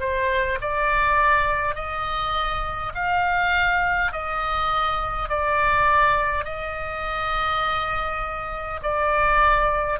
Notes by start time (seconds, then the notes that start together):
0.00 C5
0.61 D5
1.75 D#5
2.95 F5
4.12 D#5
5.29 D5
6.45 D#5
8.83 D5